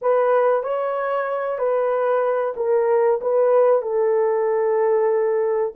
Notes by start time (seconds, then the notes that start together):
0.01 B4
0.63 C#5
1.58 B4
2.56 A#4
3.21 B4
3.82 A4